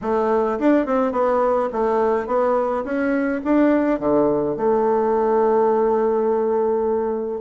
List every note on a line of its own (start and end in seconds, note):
0.01 0.58 A3
0.59 0.86 D4
0.86 1.11 C4
1.11 1.69 B3
1.72 2.26 A3
2.26 2.84 B3
2.84 3.41 C#4
3.44 3.99 D4
3.99 4.56 D3
4.56 7.41 A3